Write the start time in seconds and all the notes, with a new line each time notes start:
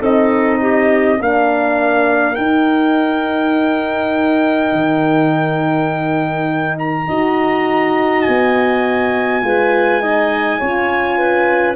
0.00 C4 D#4 A4 D#5
0.61 G4
1.19 A#3 D4 A#4 F5
2.36 D#4 G5
4.73 D#3
6.79 A#5
7.08 D#4 F#4 D#5
8.22 G#5
8.28 B3
9.43 G#3 F4 B4
10.01 D#4 D#5
10.60 C#4 F4 C#5
11.18 B4